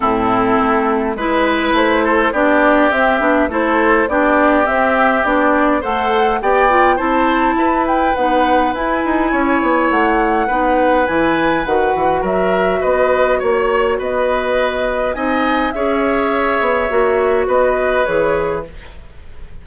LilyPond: <<
  \new Staff \with { instrumentName = "flute" } { \time 4/4 \tempo 4 = 103 a'2 b'4 c''4 | d''4 e''4 c''4 d''4 | e''4 d''4 fis''4 g''4 | a''4. g''8 fis''4 gis''4~ |
gis''4 fis''2 gis''4 | fis''4 e''4 dis''4 cis''4 | dis''2 gis''4 e''4~ | e''2 dis''4 cis''4 | }
  \new Staff \with { instrumentName = "oboe" } { \time 4/4 e'2 b'4. a'8 | g'2 a'4 g'4~ | g'2 c''4 d''4 | c''4 b'2. |
cis''2 b'2~ | b'4 ais'4 b'4 cis''4 | b'2 dis''4 cis''4~ | cis''2 b'2 | }
  \new Staff \with { instrumentName = "clarinet" } { \time 4/4 c'2 e'2 | d'4 c'8 d'8 e'4 d'4 | c'4 d'4 a'4 g'8 f'8 | e'2 dis'4 e'4~ |
e'2 dis'4 e'4 | fis'1~ | fis'2 dis'4 gis'4~ | gis'4 fis'2 gis'4 | }
  \new Staff \with { instrumentName = "bassoon" } { \time 4/4 a,4 a4 gis4 a4 | b4 c'8 b8 a4 b4 | c'4 b4 a4 b4 | c'4 e'4 b4 e'8 dis'8 |
cis'8 b8 a4 b4 e4 | dis8 e8 fis4 b4 ais4 | b2 c'4 cis'4~ | cis'8 b8 ais4 b4 e4 | }
>>